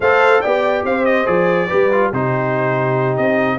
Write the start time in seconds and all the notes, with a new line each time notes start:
0.00 A3 A4 C5 F5
0.41 B3 G4 D5 G5
0.84 C4 C5 F5
1.05 D#5
1.25 F3 G#4 D5
1.67 G3 G4 B4
1.92 F4
2.10 C3 D#4 G4 C5
3.17 C4 D#5